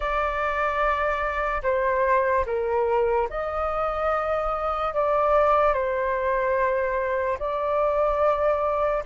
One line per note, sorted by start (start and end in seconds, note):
0.00 1.62 D5
1.63 2.45 C5
2.46 3.28 A#4
3.29 4.94 D#5
4.94 5.73 D5
5.73 7.37 C5
7.39 9.03 D5